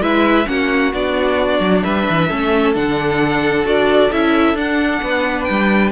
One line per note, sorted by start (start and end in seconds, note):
0.00 0.45 G#3
0.00 0.46 E4
0.00 0.47 B4
0.00 0.47 E5
0.46 0.93 A#3
0.46 0.91 C#4
0.46 1.83 F#4
0.46 0.93 F#5
0.93 1.59 B3
0.93 2.29 D4
0.93 1.83 D5
1.59 1.82 F#3
1.83 2.08 G3
1.83 2.28 B4
1.83 2.74 E5
2.09 2.32 E3
2.28 2.75 A3
2.28 2.74 C#4
2.28 5.01 A4
2.74 3.65 D3
2.74 3.65 D4
2.74 3.66 F#5
3.65 4.11 D4
3.65 4.10 F#4
3.65 4.12 D5
4.12 4.53 C#4
4.12 4.56 E4
4.12 4.57 E5
4.53 4.99 D4
4.53 5.92 D4
4.53 5.44 F#5
5.02 5.48 B3
5.02 5.92 B4
5.44 5.92 G3
5.44 5.89 G5